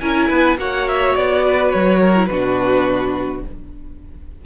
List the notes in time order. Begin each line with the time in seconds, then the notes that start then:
0.00 C#4 E4 A#4 G#5
0.29 B3 B4
0.57 A#3 F#4 C#5 F#5
0.88 E5
1.16 B3 D5
1.46 B4
1.71 F#3 C#5
2.01 A#4
2.16 E4
2.26 B2 D4 F#4 B4